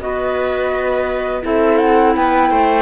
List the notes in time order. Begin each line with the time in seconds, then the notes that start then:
0.00 B3 F#4 B4 D#5
1.42 C4 E4 A4 E5
1.78 F#5
2.15 B3 B4 G5
2.51 A3 C5